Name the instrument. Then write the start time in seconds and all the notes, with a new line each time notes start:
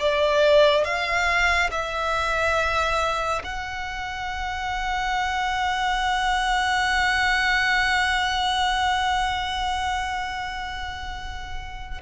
violin
0.00 D5
0.85 F5
1.71 E5
3.44 F#5